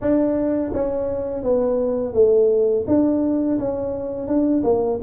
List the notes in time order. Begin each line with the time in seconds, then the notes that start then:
0.01 D4
0.73 C#4
1.43 B3
2.13 A3
2.87 D4
3.58 C#4
4.27 D4
4.63 A#3